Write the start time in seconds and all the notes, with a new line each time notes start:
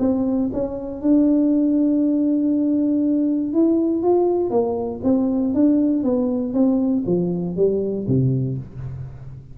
0.00 C4
0.53 C#4
1.02 D4
3.54 E4
4.03 F4
4.50 A#3
5.04 C4
5.54 D4
6.04 B3
6.54 C4
7.07 F3
7.56 G3
8.08 C3